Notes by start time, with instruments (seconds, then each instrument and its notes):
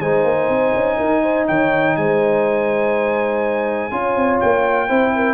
0.00 tuba G#3, trombone D#4, horn C5, trumpet G#5
0.24 tuba A#3
0.49 tuba C4
0.74 tuba C#4
0.98 tuba D#4, horn A#4
1.22 horn C5
1.47 tuba D#3, horn C#5, trumpet G5
1.96 tuba G#3, horn C5, trumpet G#5
3.91 tuba C#4, trombone F4, horn C#5
4.16 tuba C4
4.40 tuba A#3, trumpet G5
4.88 tuba C4, trombone E4, horn C5
5.15 horn A#4